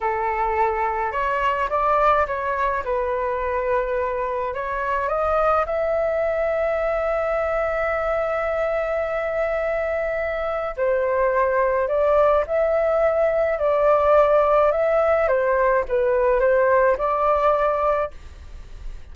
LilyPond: \new Staff \with { instrumentName = "flute" } { \time 4/4 \tempo 4 = 106 a'2 cis''4 d''4 | cis''4 b'2. | cis''4 dis''4 e''2~ | e''1~ |
e''2. c''4~ | c''4 d''4 e''2 | d''2 e''4 c''4 | b'4 c''4 d''2 | }